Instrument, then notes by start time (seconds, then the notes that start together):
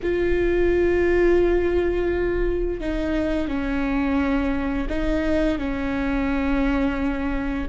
viola
0.02 F4
2.80 D#4
3.48 C#4
4.89 D#4
5.58 C#4